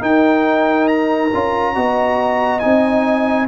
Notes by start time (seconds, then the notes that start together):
0.00 D#4 A#4 G5
0.88 A#5
1.34 C#4 F4
1.75 B3 F#4 D#5
2.60 C4 D#4 G#5